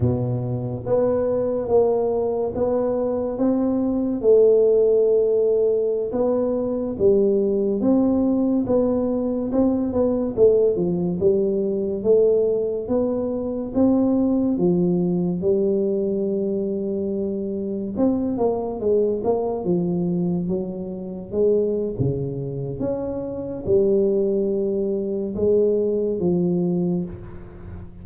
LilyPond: \new Staff \with { instrumentName = "tuba" } { \time 4/4 \tempo 4 = 71 b,4 b4 ais4 b4 | c'4 a2~ a16 b8.~ | b16 g4 c'4 b4 c'8 b16~ | b16 a8 f8 g4 a4 b8.~ |
b16 c'4 f4 g4.~ g16~ | g4~ g16 c'8 ais8 gis8 ais8 f8.~ | f16 fis4 gis8. cis4 cis'4 | g2 gis4 f4 | }